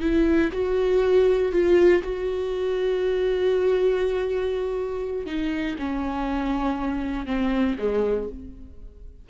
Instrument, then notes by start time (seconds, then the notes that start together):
viola
0.00 E4
0.52 F#4
1.52 F4
2.02 F#4
5.26 D#4
5.78 C#4
7.26 C4
7.78 G#3